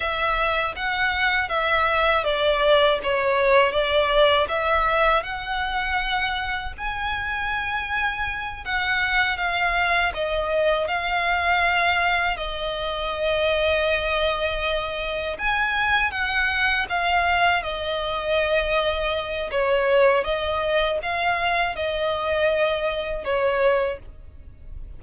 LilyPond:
\new Staff \with { instrumentName = "violin" } { \time 4/4 \tempo 4 = 80 e''4 fis''4 e''4 d''4 | cis''4 d''4 e''4 fis''4~ | fis''4 gis''2~ gis''8 fis''8~ | fis''8 f''4 dis''4 f''4.~ |
f''8 dis''2.~ dis''8~ | dis''8 gis''4 fis''4 f''4 dis''8~ | dis''2 cis''4 dis''4 | f''4 dis''2 cis''4 | }